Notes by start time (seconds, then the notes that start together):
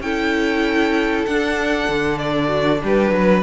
0.00 C#4 E4 A4 G5
1.25 D4 F#5
1.88 D3
2.18 D5
2.47 F#4
2.83 G3 G4 B4
3.11 F#3 B4